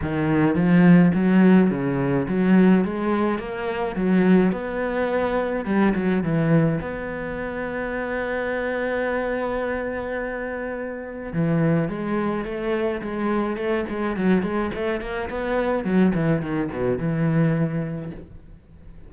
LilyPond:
\new Staff \with { instrumentName = "cello" } { \time 4/4 \tempo 4 = 106 dis4 f4 fis4 cis4 | fis4 gis4 ais4 fis4 | b2 g8 fis8 e4 | b1~ |
b1 | e4 gis4 a4 gis4 | a8 gis8 fis8 gis8 a8 ais8 b4 | fis8 e8 dis8 b,8 e2 | }